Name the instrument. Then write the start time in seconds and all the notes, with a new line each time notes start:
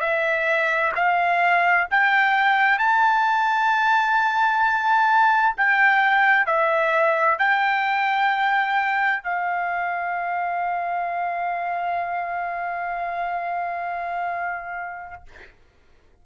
trumpet
0.00 E5
0.95 F5
1.90 G5
2.79 A5
5.57 G5
6.46 E5
7.38 G5
9.23 F5